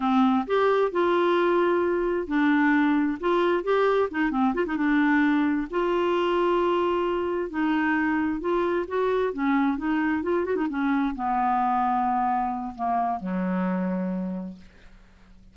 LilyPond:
\new Staff \with { instrumentName = "clarinet" } { \time 4/4 \tempo 4 = 132 c'4 g'4 f'2~ | f'4 d'2 f'4 | g'4 dis'8 c'8 f'16 dis'16 d'4.~ | d'8 f'2.~ f'8~ |
f'8 dis'2 f'4 fis'8~ | fis'8 cis'4 dis'4 f'8 fis'16 dis'16 cis'8~ | cis'8 b2.~ b8 | ais4 fis2. | }